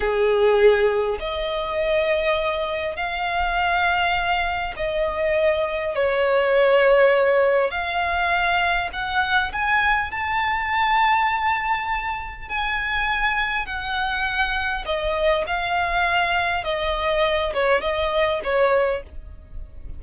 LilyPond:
\new Staff \with { instrumentName = "violin" } { \time 4/4 \tempo 4 = 101 gis'2 dis''2~ | dis''4 f''2. | dis''2 cis''2~ | cis''4 f''2 fis''4 |
gis''4 a''2.~ | a''4 gis''2 fis''4~ | fis''4 dis''4 f''2 | dis''4. cis''8 dis''4 cis''4 | }